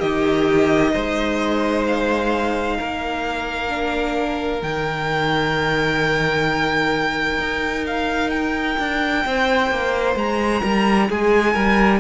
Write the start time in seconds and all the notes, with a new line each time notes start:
0.00 D#3 D#4 G4 D#5
0.93 G#3 C5
1.87 F5
2.79 A#3 A#4
3.69 D4
4.61 D#3 D#4 G5
7.39 D#4
7.87 F5
8.31 G5
8.79 D4
9.26 C4 C5
9.71 A#3
10.16 G#3 A#5
10.63 G3 A#4
11.09 G#3 G#4 G#5
11.53 G3 A#4